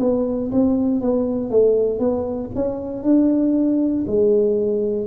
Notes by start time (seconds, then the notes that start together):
0.00 B3
0.51 C4
1.01 B3
1.50 A3
1.99 B3
2.55 C#4
3.03 D4
4.07 G#3